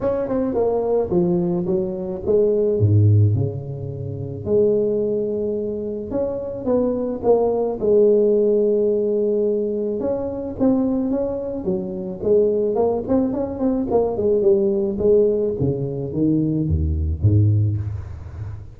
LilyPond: \new Staff \with { instrumentName = "tuba" } { \time 4/4 \tempo 4 = 108 cis'8 c'8 ais4 f4 fis4 | gis4 gis,4 cis2 | gis2. cis'4 | b4 ais4 gis2~ |
gis2 cis'4 c'4 | cis'4 fis4 gis4 ais8 c'8 | cis'8 c'8 ais8 gis8 g4 gis4 | cis4 dis4 dis,4 gis,4 | }